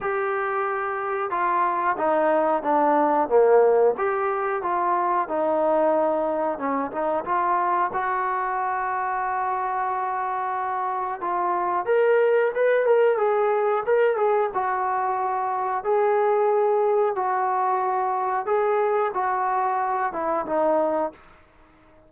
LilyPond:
\new Staff \with { instrumentName = "trombone" } { \time 4/4 \tempo 4 = 91 g'2 f'4 dis'4 | d'4 ais4 g'4 f'4 | dis'2 cis'8 dis'8 f'4 | fis'1~ |
fis'4 f'4 ais'4 b'8 ais'8 | gis'4 ais'8 gis'8 fis'2 | gis'2 fis'2 | gis'4 fis'4. e'8 dis'4 | }